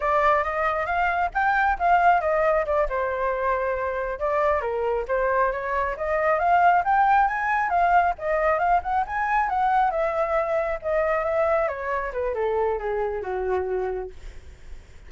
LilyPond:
\new Staff \with { instrumentName = "flute" } { \time 4/4 \tempo 4 = 136 d''4 dis''4 f''4 g''4 | f''4 dis''4 d''8 c''4.~ | c''4. d''4 ais'4 c''8~ | c''8 cis''4 dis''4 f''4 g''8~ |
g''8 gis''4 f''4 dis''4 f''8 | fis''8 gis''4 fis''4 e''4.~ | e''8 dis''4 e''4 cis''4 b'8 | a'4 gis'4 fis'2 | }